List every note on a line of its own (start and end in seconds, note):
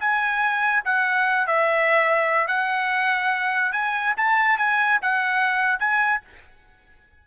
0.00 0.83 G#5
0.85 1.47 F#5
1.47 2.48 E5
2.48 3.73 F#5
3.73 4.14 G#5
4.17 4.58 A5
4.58 5.00 G#5
5.02 5.80 F#5
5.80 6.21 G#5